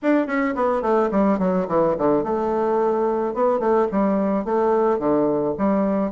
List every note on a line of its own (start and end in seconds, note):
0.02 0.26 D4
0.26 0.54 C#4
0.55 0.82 B3
0.82 1.09 A3
1.11 1.38 G3
1.38 1.66 F#3
1.67 1.95 E3
1.97 2.23 D3
2.23 3.34 A3
3.34 3.59 B3
3.59 3.87 A3
3.91 4.44 G3
4.44 4.98 A3
4.98 5.54 D3
5.58 6.11 G3